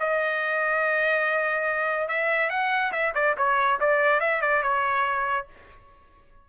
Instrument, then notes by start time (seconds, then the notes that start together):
trumpet
0.00 D#5
2.09 E5
2.50 F#5
2.93 E5
3.15 D5
3.38 C#5
3.81 D5
4.21 E5
4.42 D5
4.63 C#5